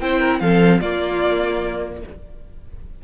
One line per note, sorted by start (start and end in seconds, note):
0.00 0.41 C4
0.00 0.42 E4
0.00 0.19 C5
0.00 0.40 G5
0.19 0.40 A#4
0.40 0.82 F3
0.40 0.82 C4
0.40 0.81 A4
0.40 0.80 F5
0.80 2.04 A#3
0.80 2.03 F4
0.80 2.02 D5